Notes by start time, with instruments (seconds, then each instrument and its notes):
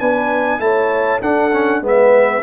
0.00 tuba B3, trombone D4, horn B4, trumpet G#5
0.60 tuba A3, trombone E4, horn C#5, trumpet A5
1.21 trombone D4, tuba D4, horn A4, trumpet F#5
1.53 trombone C#4
1.82 tuba G#3, trombone B3, horn B4, trumpet E5